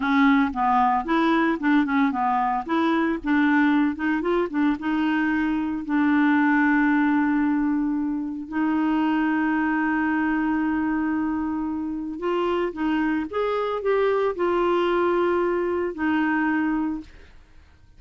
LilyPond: \new Staff \with { instrumentName = "clarinet" } { \time 4/4 \tempo 4 = 113 cis'4 b4 e'4 d'8 cis'8 | b4 e'4 d'4. dis'8 | f'8 d'8 dis'2 d'4~ | d'1 |
dis'1~ | dis'2. f'4 | dis'4 gis'4 g'4 f'4~ | f'2 dis'2 | }